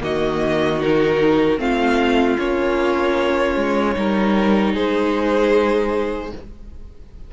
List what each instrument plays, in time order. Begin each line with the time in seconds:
0.00 cello D#3, viola A#3, violin F#4 D#5
0.80 viola D#4, violin A#4
1.58 cello A3, viola C4, violin F4 F5
2.38 cello A#3, viola C#4, violin C#5
3.56 cello G#3
3.95 cello G3, viola D#4, violin A#4
4.73 cello G#3, violin G#4 C5